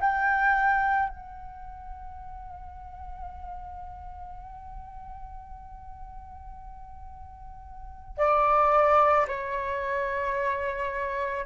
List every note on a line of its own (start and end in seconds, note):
0.00 1.09 G5
1.09 8.17 F#5
8.17 9.26 D5
9.27 11.45 C#5